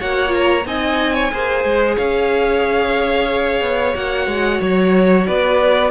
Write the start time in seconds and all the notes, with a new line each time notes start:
0.00 A#3 F#4 C#5 F#5
0.28 F4
0.34 A#5
0.65 C4 D#4 D#5 G#5
1.14 C#5
1.32 A#3 G#4 C5
1.64 G#3
1.96 C#4 C#5 F5
3.61 B3
3.94 A#3 F#4 F#5
4.27 G#3
4.61 F#3 C#5
5.27 B3 B4 D5